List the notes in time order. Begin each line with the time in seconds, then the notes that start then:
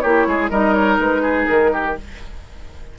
0.00 A#3 E4 G4 C#5
0.27 G#3 G#4
0.50 G3 D#4 A#4 D#5
0.74 C#5
0.99 G#3 B4
1.22 G#4
1.46 D#3 A#4
1.73 G4